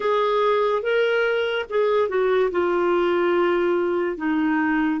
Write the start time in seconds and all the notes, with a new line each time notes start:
0.00 G#4
0.82 A#4
1.69 G#4
2.08 F#4
2.51 F4
4.17 D#4